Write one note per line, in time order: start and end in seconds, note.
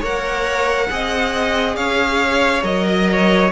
0.00 0.89 A#3
0.00 0.89 A#4
0.00 0.87 C#5
0.00 1.76 F#5
0.89 1.76 C4
0.89 2.63 G#4
0.89 1.77 D#5
1.76 2.63 C#4
1.76 2.85 C#5
1.76 2.62 F5
2.63 3.50 F#3
2.63 3.50 A#4
2.63 3.51 D#5
2.88 3.10 D#5
3.11 3.51 C#5